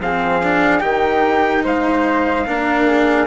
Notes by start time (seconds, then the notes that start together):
0.00 F3 C4 G#4 F5
0.43 D4
0.80 D#3 D#4 G4 G5
1.64 G#3 C5 F5
2.47 A#3 D4 A#4
2.87 G#4